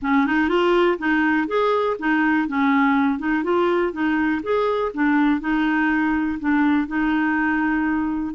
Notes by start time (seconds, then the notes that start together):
0.02 C#4
0.26 D#4
0.49 F4
0.98 D#4
1.47 G#4
1.99 D#4
2.47 C#4
3.18 D#4
3.43 F4
3.92 D#4
4.42 G#4
4.94 D4
5.40 D#4
6.39 D4
6.87 D#4